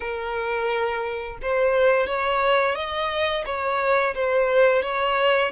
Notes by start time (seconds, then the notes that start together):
0.00 A#4
1.42 C5
2.07 C#5
2.75 D#5
3.45 C#5
4.14 C5
4.82 C#5